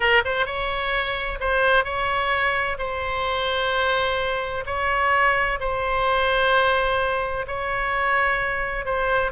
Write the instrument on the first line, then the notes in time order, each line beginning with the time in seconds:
oboe
0.00 A#4
0.24 C5
0.45 C#5
1.40 C5
1.84 C#5
2.78 C5
4.66 C#5
5.59 C5
7.47 C#5
8.85 C5